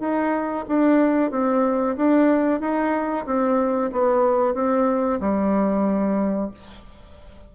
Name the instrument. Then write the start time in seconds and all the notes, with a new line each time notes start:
bassoon
0.00 D#4
0.68 D4
1.31 C4
1.97 D4
2.60 D#4
3.26 C4
3.92 B3
4.54 C4
5.20 G3